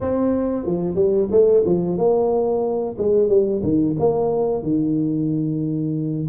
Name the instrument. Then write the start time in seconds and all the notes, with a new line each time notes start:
tuba
0.01 C4
0.66 F3
0.95 G3
1.31 A3
1.65 F3
1.97 A#3
2.98 G#3
3.28 G3
3.63 D#3
3.99 A#3
4.62 D#3